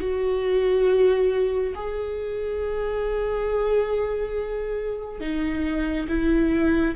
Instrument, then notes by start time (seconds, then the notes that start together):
viola
0.00 F#4
1.75 G#4
5.21 D#4
6.08 E4